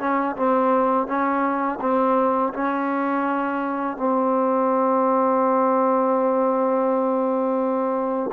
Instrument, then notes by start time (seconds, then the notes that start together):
trombone
0.00 C#4
0.37 C4
1.07 C#4
1.81 C4
2.54 C#4
3.97 C4